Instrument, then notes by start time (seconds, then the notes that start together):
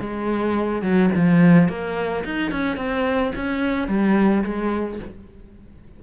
cello
0.00 G#3
0.82 F#3
1.15 F3
1.69 A#3
2.25 D#4
2.52 C#4
2.77 C4
3.36 C#4
3.88 G3
4.44 G#3